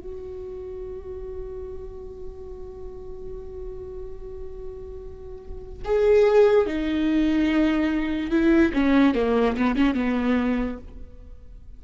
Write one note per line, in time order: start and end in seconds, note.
0.00 5.83 F#4
5.85 6.67 G#4
6.67 8.31 D#4
8.31 8.73 E4
8.74 9.15 C#4
9.15 9.57 A#3
9.57 9.77 B3
9.77 9.95 C#4
9.95 10.78 B3